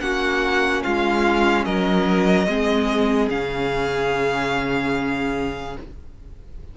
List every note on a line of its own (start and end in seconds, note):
0.00 0.83 A#3
0.00 2.47 C#4
0.00 0.83 F#4
0.00 0.82 F#5
0.83 1.65 G#3
0.83 1.65 F4
0.83 1.65 F5
1.65 2.47 F#3
1.65 2.47 A#4
1.65 3.29 D#5
2.47 3.29 G#3
2.47 3.30 C4
2.47 5.77 G#4
3.30 5.76 C#3
3.30 5.76 C#4
3.30 5.77 F5